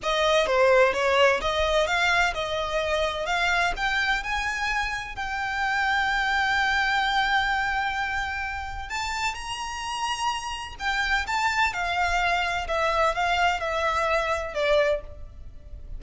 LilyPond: \new Staff \with { instrumentName = "violin" } { \time 4/4 \tempo 4 = 128 dis''4 c''4 cis''4 dis''4 | f''4 dis''2 f''4 | g''4 gis''2 g''4~ | g''1~ |
g''2. a''4 | ais''2. g''4 | a''4 f''2 e''4 | f''4 e''2 d''4 | }